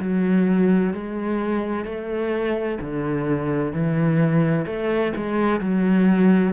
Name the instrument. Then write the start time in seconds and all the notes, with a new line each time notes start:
cello
0.00 F#3
0.94 G#3
1.85 A3
2.81 D3
3.73 E3
4.66 A3
5.16 G#3
5.60 F#3